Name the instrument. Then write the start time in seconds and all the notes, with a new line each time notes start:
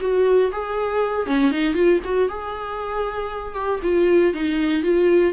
viola
0.00 F#4
0.52 G#4
1.26 C#4
1.51 D#4
1.74 F4
2.04 F#4
2.29 G#4
3.54 G4
3.83 F4
4.33 D#4
4.83 F4